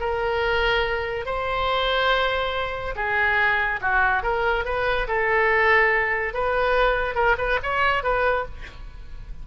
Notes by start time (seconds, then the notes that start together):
0.00 A#4
1.26 C5
2.96 G#4
3.81 F#4
4.23 A#4
4.65 B4
5.08 A4
6.34 B4
7.15 A#4
7.38 B4
7.63 C#5
8.03 B4